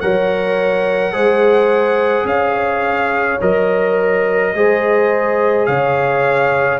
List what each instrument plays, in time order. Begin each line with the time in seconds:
0.00 tuba F#3, trombone A#4, horn C#5, trumpet F#5
1.12 tuba G#3, trombone G#4, horn C5
2.25 tuba C#4, horn C#5, trumpet F5
3.41 tuba F#3, trombone A#4, trumpet D#5
4.54 tuba G#3, trombone G#4, horn C5
5.66 tuba C#3, horn C#5, trumpet F5